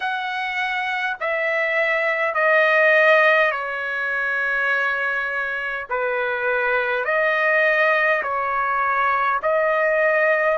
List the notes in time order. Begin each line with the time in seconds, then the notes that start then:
0.00 F#5
1.20 E5
2.34 D#5
3.51 C#5
5.89 B4
7.04 D#5
8.22 C#5
9.42 D#5